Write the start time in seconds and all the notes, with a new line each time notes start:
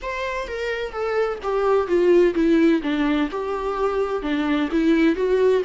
0.02 C5
0.47 A#4
0.92 A4
1.43 G4
1.87 F4
2.34 E4
2.82 D4
3.31 G4
4.22 D4
4.71 E4
5.15 F#4